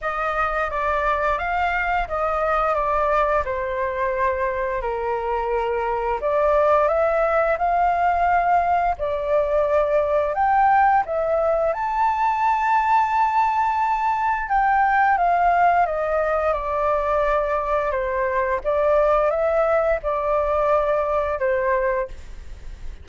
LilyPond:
\new Staff \with { instrumentName = "flute" } { \time 4/4 \tempo 4 = 87 dis''4 d''4 f''4 dis''4 | d''4 c''2 ais'4~ | ais'4 d''4 e''4 f''4~ | f''4 d''2 g''4 |
e''4 a''2.~ | a''4 g''4 f''4 dis''4 | d''2 c''4 d''4 | e''4 d''2 c''4 | }